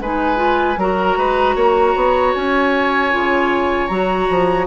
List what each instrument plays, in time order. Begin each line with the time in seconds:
0.00 bassoon G#3, clarinet D#4, oboe B4, flute G#5
0.36 clarinet F4
0.77 bassoon F#3, clarinet F#4, oboe A#4, flute A#5
1.18 bassoon G#3, oboe B4
1.56 bassoon A#3, oboe C#5
1.96 bassoon B3
2.35 bassoon C#4, flute G#5
3.12 bassoon C#3, clarinet F4
3.88 bassoon F#3, clarinet F#4, flute A#5
4.30 bassoon F3